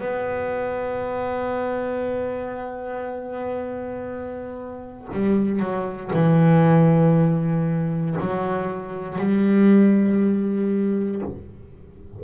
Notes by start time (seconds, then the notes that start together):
0.00 B3
5.13 G3
5.60 F#3
6.13 E3
8.20 F#3
9.18 G3